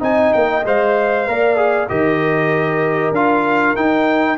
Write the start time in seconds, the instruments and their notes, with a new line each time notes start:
0.00 tuba C4, trombone D#4, horn D#5, trumpet G#5
0.34 tuba A#3, trumpet G5
0.65 tuba G#3, trombone C5, trumpet F5
1.28 tuba A#3, trombone A#4, horn D5
1.56 trombone G#4
1.89 tuba D#3, trombone G4, horn A#4, trumpet D#5
3.12 tuba D4, trombone F4, trumpet F5
3.76 trombone D#4, tuba D#4, trumpet G5